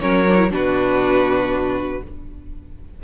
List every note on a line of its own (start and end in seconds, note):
0.00 0.51 F#3
0.00 0.26 C#4
0.00 0.51 A#4
0.00 0.50 C#5
0.28 0.37 D4
0.37 0.50 E4
0.50 2.01 B2
0.50 2.00 D4
0.50 2.02 F#4
0.50 2.03 B4